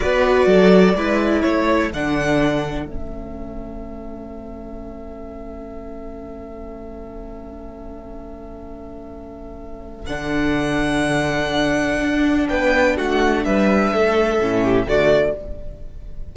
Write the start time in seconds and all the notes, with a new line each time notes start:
0.00 B3 F#4 B4 D5
0.46 F#3 A4
0.95 G#3 E4 B4
1.42 A3 A4 C#5
1.92 D3 D4 F#5
2.85 A3 C#4 E5
10.06 D3 D4 F#5
12.01 D4
12.48 B3 B4 G5
12.96 A3 F#4 F#5
13.44 G3 B4 E5
13.93 A3 A4
14.39 A2 C#4
14.63 G4
14.86 D3 A3 F#4 D5